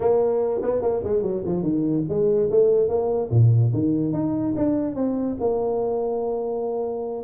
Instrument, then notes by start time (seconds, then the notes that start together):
tuba
0.00 A#3
0.62 B3
0.82 A#3
1.03 G#3
1.22 F#3
1.45 F3
1.62 D#3
2.08 G#3
2.50 A3
2.88 A#3
3.30 A#2
3.73 D#3
4.12 D#4
4.56 D4
4.95 C4
5.40 A#3